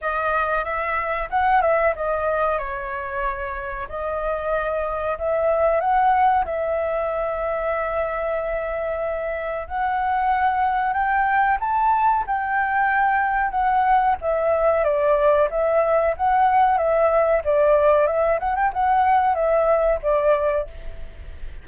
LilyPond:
\new Staff \with { instrumentName = "flute" } { \time 4/4 \tempo 4 = 93 dis''4 e''4 fis''8 e''8 dis''4 | cis''2 dis''2 | e''4 fis''4 e''2~ | e''2. fis''4~ |
fis''4 g''4 a''4 g''4~ | g''4 fis''4 e''4 d''4 | e''4 fis''4 e''4 d''4 | e''8 fis''16 g''16 fis''4 e''4 d''4 | }